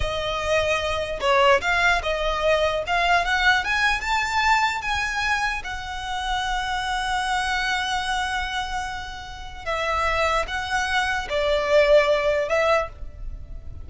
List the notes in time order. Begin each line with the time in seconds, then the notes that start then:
0.00 D#5
1.20 C#5
1.61 F5
2.02 D#5
2.86 F5
3.25 F#5
3.64 G#5
4.01 A5
4.81 G#5
5.64 F#5
9.65 E5
10.47 F#5
11.29 D5
12.48 E5